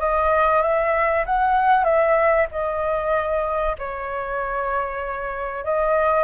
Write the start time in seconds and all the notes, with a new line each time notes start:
0.00 D#5
0.62 E5
1.26 F#5
1.84 E5
2.51 D#5
3.79 C#5
5.65 D#5